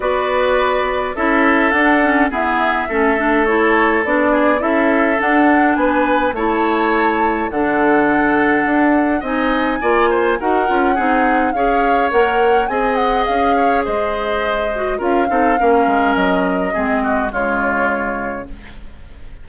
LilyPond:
<<
  \new Staff \with { instrumentName = "flute" } { \time 4/4 \tempo 4 = 104 d''2 e''4 fis''4 | e''2 cis''4 d''4 | e''4 fis''4 gis''4 a''4~ | a''4 fis''2. |
gis''2 fis''2 | f''4 fis''4 gis''8 fis''8 f''4 | dis''2 f''2 | dis''2 cis''2 | }
  \new Staff \with { instrumentName = "oboe" } { \time 4/4 b'2 a'2 | gis'4 a'2~ a'8 gis'8 | a'2 b'4 cis''4~ | cis''4 a'2. |
dis''4 d''8 c''8 ais'4 gis'4 | cis''2 dis''4. cis''8 | c''2 ais'8 a'8 ais'4~ | ais'4 gis'8 fis'8 f'2 | }
  \new Staff \with { instrumentName = "clarinet" } { \time 4/4 fis'2 e'4 d'8 cis'8 | b4 cis'8 d'8 e'4 d'4 | e'4 d'2 e'4~ | e'4 d'2. |
dis'4 f'4 fis'8 f'8 dis'4 | gis'4 ais'4 gis'2~ | gis'4. fis'8 f'8 dis'8 cis'4~ | cis'4 c'4 gis2 | }
  \new Staff \with { instrumentName = "bassoon" } { \time 4/4 b2 cis'4 d'4 | e'4 a2 b4 | cis'4 d'4 b4 a4~ | a4 d2 d'4 |
c'4 ais4 dis'8 cis'8 c'4 | cis'4 ais4 c'4 cis'4 | gis2 cis'8 c'8 ais8 gis8 | fis4 gis4 cis2 | }
>>